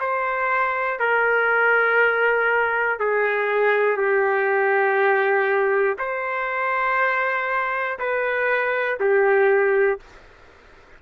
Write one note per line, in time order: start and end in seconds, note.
0.00 0.99 C5
0.99 2.99 A#4
2.99 3.97 G#4
3.97 5.97 G4
5.98 7.98 C5
7.99 8.99 B4
8.99 9.99 G4